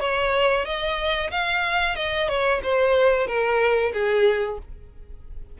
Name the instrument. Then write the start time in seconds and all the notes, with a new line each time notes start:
violin
0.00 C#5
0.66 D#5
1.31 F5
1.96 D#5
2.28 C#5
2.63 C5
3.27 A#4
3.93 G#4